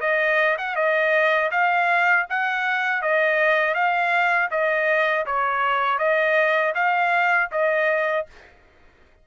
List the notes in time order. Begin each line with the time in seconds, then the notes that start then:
0.00 D#5
0.58 F#5
0.75 D#5
1.51 F5
2.29 F#5
3.02 D#5
3.74 F5
4.50 D#5
5.26 C#5
5.98 D#5
6.75 F5
7.51 D#5